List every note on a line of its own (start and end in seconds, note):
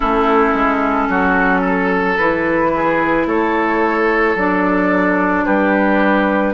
0.00 0.53 A3
0.00 2.16 C#4
0.00 1.08 E4
0.00 2.17 A4
0.53 1.08 G#3
1.08 2.17 F#3
1.08 1.61 F#4
1.61 2.70 A4
2.17 3.25 E3
2.17 4.37 E4
2.17 3.26 B4
2.75 3.27 G#4
3.25 4.35 A3
3.25 5.45 A4
3.25 4.36 C#5
4.35 5.44 F#3
4.35 6.54 D4
4.35 5.45 D5
5.45 6.54 G3
5.45 6.54 G4
5.45 6.54 B4